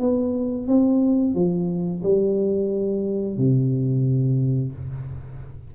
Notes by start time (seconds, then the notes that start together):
0.00 B3
0.67 C4
1.35 F3
2.03 G3
3.38 C3